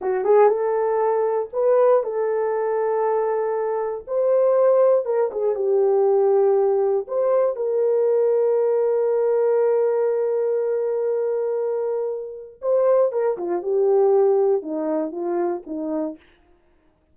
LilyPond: \new Staff \with { instrumentName = "horn" } { \time 4/4 \tempo 4 = 119 fis'8 gis'8 a'2 b'4 | a'1 | c''2 ais'8 gis'8 g'4~ | g'2 c''4 ais'4~ |
ais'1~ | ais'1~ | ais'4 c''4 ais'8 f'8 g'4~ | g'4 dis'4 f'4 dis'4 | }